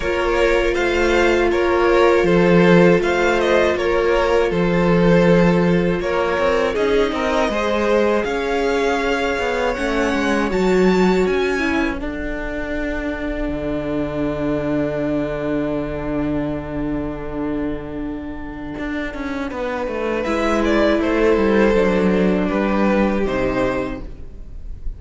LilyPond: <<
  \new Staff \with { instrumentName = "violin" } { \time 4/4 \tempo 4 = 80 cis''4 f''4 cis''4 c''4 | f''8 dis''8 cis''4 c''2 | cis''4 dis''2 f''4~ | f''4 fis''4 a''4 gis''4 |
fis''1~ | fis''1~ | fis''2. e''8 d''8 | c''2 b'4 c''4 | }
  \new Staff \with { instrumentName = "violin" } { \time 4/4 ais'4 c''4 ais'4 a'4 | c''4 ais'4 a'2 | ais'4 gis'8 ais'8 c''4 cis''4~ | cis''2.~ cis''8. b'16 |
a'1~ | a'1~ | a'2 b'2 | a'2 g'2 | }
  \new Staff \with { instrumentName = "viola" } { \time 4/4 f'1~ | f'1~ | f'4 dis'4 gis'2~ | gis'4 cis'4 fis'4. e'8 |
d'1~ | d'1~ | d'2. e'4~ | e'4 d'2 dis'4 | }
  \new Staff \with { instrumentName = "cello" } { \time 4/4 ais4 a4 ais4 f4 | a4 ais4 f2 | ais8 c'8 cis'8 c'8 gis4 cis'4~ | cis'8 b8 a8 gis8 fis4 cis'4 |
d'2 d2~ | d1~ | d4 d'8 cis'8 b8 a8 gis4 | a8 g8 fis4 g4 c4 | }
>>